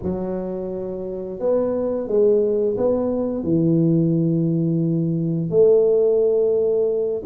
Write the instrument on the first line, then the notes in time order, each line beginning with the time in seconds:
tuba
0.02 F#3
1.39 B3
2.07 G#3
2.77 B3
3.43 E3
5.50 A3